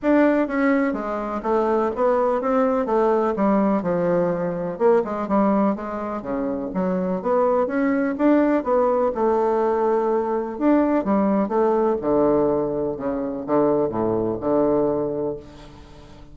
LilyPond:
\new Staff \with { instrumentName = "bassoon" } { \time 4/4 \tempo 4 = 125 d'4 cis'4 gis4 a4 | b4 c'4 a4 g4 | f2 ais8 gis8 g4 | gis4 cis4 fis4 b4 |
cis'4 d'4 b4 a4~ | a2 d'4 g4 | a4 d2 cis4 | d4 a,4 d2 | }